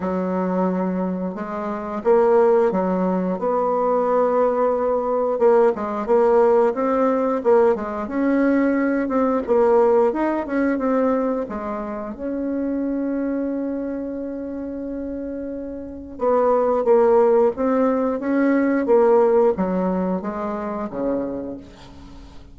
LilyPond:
\new Staff \with { instrumentName = "bassoon" } { \time 4/4 \tempo 4 = 89 fis2 gis4 ais4 | fis4 b2. | ais8 gis8 ais4 c'4 ais8 gis8 | cis'4. c'8 ais4 dis'8 cis'8 |
c'4 gis4 cis'2~ | cis'1 | b4 ais4 c'4 cis'4 | ais4 fis4 gis4 cis4 | }